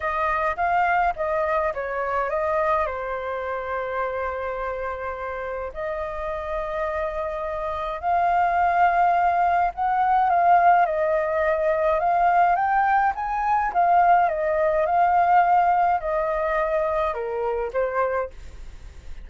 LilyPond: \new Staff \with { instrumentName = "flute" } { \time 4/4 \tempo 4 = 105 dis''4 f''4 dis''4 cis''4 | dis''4 c''2.~ | c''2 dis''2~ | dis''2 f''2~ |
f''4 fis''4 f''4 dis''4~ | dis''4 f''4 g''4 gis''4 | f''4 dis''4 f''2 | dis''2 ais'4 c''4 | }